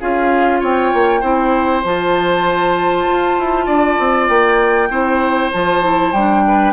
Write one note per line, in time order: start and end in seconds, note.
0.00 0.62 C#4
0.00 1.21 F4
0.00 0.60 G#4
0.00 0.61 F5
0.60 0.93 C4
0.60 1.20 C#5
0.60 1.84 G5
0.93 1.22 A#3
1.20 1.83 C4
1.20 1.83 E4
1.20 3.65 C5
1.84 3.07 F3
1.84 4.90 F4
1.84 4.28 A5
3.09 3.39 F4
3.39 3.67 E4
3.66 3.97 D4
3.66 4.88 D5
3.99 4.29 C4
4.28 4.89 A#3
4.28 5.50 G5
4.89 5.51 C4
4.89 5.52 E4
4.89 6.43 C5
5.52 6.12 F3
5.52 5.82 F4
5.52 6.12 A5
5.82 6.12 E4
6.12 6.73 G3
6.12 6.73 D4
6.12 6.73 G5
6.47 6.73 B4